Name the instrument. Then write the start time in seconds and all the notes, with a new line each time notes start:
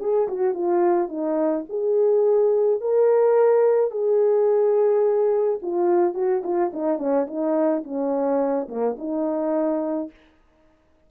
horn
0.00 G#4
0.28 F#4
0.54 F4
1.09 D#4
1.69 G#4
2.81 A#4
3.91 G#4
5.62 F4
6.15 F#4
6.44 F4
6.73 D#4
6.99 C#4
7.27 D#4
7.84 C#4
8.69 A#3
8.98 D#4